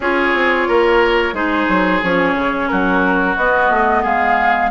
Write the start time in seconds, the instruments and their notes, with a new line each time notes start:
0.00 bassoon C#4, clarinet F4, oboe G#4, flute C#5
0.34 bassoon C4
0.67 bassoon A#3, oboe A#4
1.32 bassoon G#3, clarinet D#4, oboe G#4, flute C5
1.68 bassoon F#3
2.02 bassoon F3, clarinet C#4, flute C#5
2.34 bassoon C#3
2.68 bassoon F#3, oboe F#4, flute A#4
3.36 bassoon B3, clarinet B3, flute D#5
3.70 bassoon A3
4.02 bassoon G#3, oboe G#4, flute F5